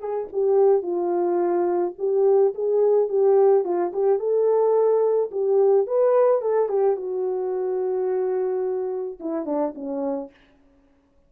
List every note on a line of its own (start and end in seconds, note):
0.00 0.28 G#4
0.33 0.83 G4
0.83 1.94 F4
1.99 2.54 G4
2.55 3.09 G#4
3.09 3.65 G4
3.65 3.92 F4
3.94 4.20 G4
4.20 5.31 A4
5.32 5.87 G4
5.87 6.42 B4
6.42 6.69 A4
6.69 6.97 G4
6.97 9.19 F#4
9.20 9.46 E4
9.46 9.74 D4
9.75 10.31 C#4